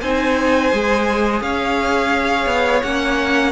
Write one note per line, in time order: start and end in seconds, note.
0.00 0.72 C4
0.00 0.72 D#4
0.00 1.42 C5
0.00 1.41 G#5
0.72 1.40 G#3
0.72 2.84 G#4
1.40 2.46 C#4
1.40 3.52 C#5
1.40 2.82 F5
2.46 2.81 B3
2.82 3.52 A#3
2.82 3.52 C#4
2.82 3.52 F#5